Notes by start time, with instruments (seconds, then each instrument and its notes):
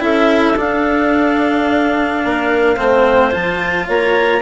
0.00 bassoon C#4, cello E4, clarinet A4 E5
0.56 bassoon D4, cello D4, clarinet F5
2.24 bassoon A#3, clarinet A#4
2.76 bassoon A3, cello C4, clarinet C5
3.31 bassoon F3, cello F4, clarinet A5
3.88 bassoon A#3, clarinet C#5 A#5